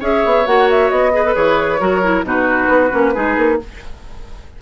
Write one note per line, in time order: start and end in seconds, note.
0.00 0.23 C#4
0.00 0.45 G#4
0.00 1.12 C#5
0.00 0.46 E5
0.25 0.46 B3
0.46 0.90 A#3
0.46 1.13 F#4
0.46 0.69 F#5
0.69 0.89 E5
0.89 1.35 B3
0.89 1.34 D#5
1.13 1.24 G#4
1.13 1.80 B4
1.25 1.34 A4
1.34 1.80 E3
1.34 1.79 G#4
1.34 2.24 C#5
1.79 2.23 F#3
1.79 2.02 F#4
1.79 2.25 A#4
2.03 2.24 E4
2.23 2.68 B2
2.23 2.90 D#4
2.23 3.14 F#4
2.23 3.62 B4
2.68 2.90 B3
2.90 3.16 A#3
2.90 3.13 C#4
3.14 3.37 G#3
3.14 3.59 D#4
3.14 3.59 G#4
3.37 3.59 A#3